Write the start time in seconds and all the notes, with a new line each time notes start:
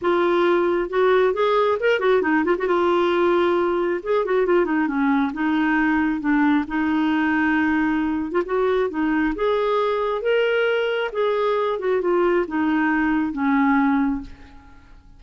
0.01 F4
0.89 F#4
1.33 G#4
1.79 A#4
1.99 F#4
2.22 D#4
2.44 F4
2.58 F#4
2.67 F4
4.03 G#4
4.25 F#4
4.46 F4
4.65 D#4
4.87 C#4
5.33 D#4
6.20 D4
6.67 D#4
8.31 F4
8.45 F#4
8.89 D#4
9.35 G#4
10.21 A#4
11.12 G#4
11.79 F#4
12.01 F4
12.47 D#4
13.32 C#4